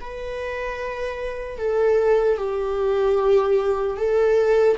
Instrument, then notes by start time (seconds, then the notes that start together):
viola
0.00 B4
1.58 A4
2.37 G4
3.97 A4